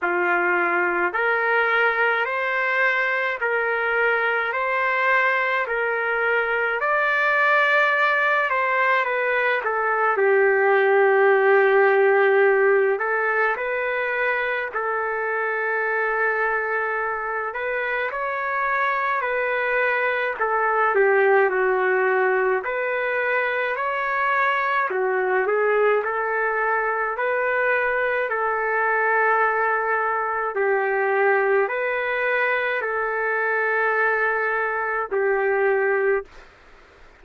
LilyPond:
\new Staff \with { instrumentName = "trumpet" } { \time 4/4 \tempo 4 = 53 f'4 ais'4 c''4 ais'4 | c''4 ais'4 d''4. c''8 | b'8 a'8 g'2~ g'8 a'8 | b'4 a'2~ a'8 b'8 |
cis''4 b'4 a'8 g'8 fis'4 | b'4 cis''4 fis'8 gis'8 a'4 | b'4 a'2 g'4 | b'4 a'2 g'4 | }